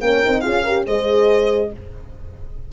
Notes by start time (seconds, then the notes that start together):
0.00 A#3 C#4 A#4 G5
0.23 C4 D#4
0.40 C#4 F4 G#4 F5
0.63 G4 A#4
0.86 G#3 G#4 C5 D#5